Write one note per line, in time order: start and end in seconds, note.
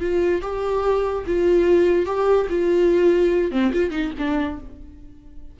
0.00 0.41 F4
0.42 1.24 G4
1.26 2.06 F4
2.06 2.47 G4
2.49 3.51 F4
3.51 3.72 C4
3.73 3.91 F4
3.91 4.11 D#4
4.18 4.59 D4